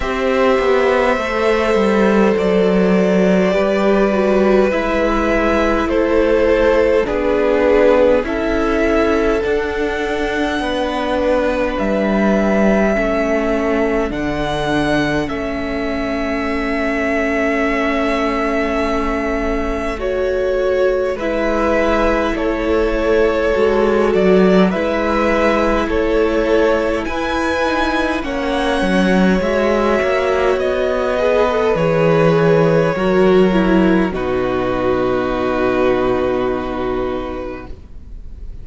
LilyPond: <<
  \new Staff \with { instrumentName = "violin" } { \time 4/4 \tempo 4 = 51 e''2 d''2 | e''4 c''4 b'4 e''4 | fis''2 e''2 | fis''4 e''2.~ |
e''4 cis''4 e''4 cis''4~ | cis''8 d''8 e''4 cis''4 gis''4 | fis''4 e''4 dis''4 cis''4~ | cis''4 b'2. | }
  \new Staff \with { instrumentName = "violin" } { \time 4/4 c''2. b'4~ | b'4 a'4 gis'4 a'4~ | a'4 b'2 a'4~ | a'1~ |
a'2 b'4 a'4~ | a'4 b'4 a'4 b'4 | cis''2~ cis''8 b'4. | ais'4 fis'2. | }
  \new Staff \with { instrumentName = "viola" } { \time 4/4 g'4 a'2 g'8 fis'8 | e'2 d'4 e'4 | d'2. cis'4 | d'4 cis'2.~ |
cis'4 fis'4 e'2 | fis'4 e'2~ e'8 dis'8 | cis'4 fis'4. gis'16 a'16 gis'4 | fis'8 e'8 dis'2. | }
  \new Staff \with { instrumentName = "cello" } { \time 4/4 c'8 b8 a8 g8 fis4 g4 | gis4 a4 b4 cis'4 | d'4 b4 g4 a4 | d4 a2.~ |
a2 gis4 a4 | gis8 fis8 gis4 a4 e'4 | ais8 fis8 gis8 ais8 b4 e4 | fis4 b,2. | }
>>